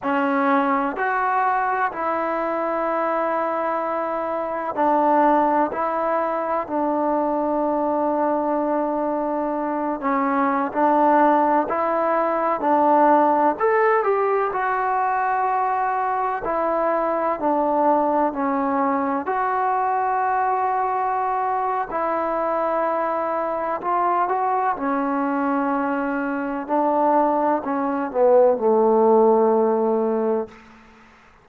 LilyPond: \new Staff \with { instrumentName = "trombone" } { \time 4/4 \tempo 4 = 63 cis'4 fis'4 e'2~ | e'4 d'4 e'4 d'4~ | d'2~ d'8 cis'8. d'8.~ | d'16 e'4 d'4 a'8 g'8 fis'8.~ |
fis'4~ fis'16 e'4 d'4 cis'8.~ | cis'16 fis'2~ fis'8. e'4~ | e'4 f'8 fis'8 cis'2 | d'4 cis'8 b8 a2 | }